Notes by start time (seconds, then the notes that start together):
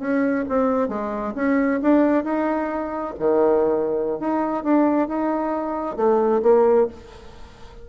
0.00 C#4
0.49 C4
0.89 G#3
1.36 C#4
1.83 D4
2.25 D#4
3.20 D#3
4.20 D#4
4.64 D4
5.08 D#4
5.97 A3
6.43 A#3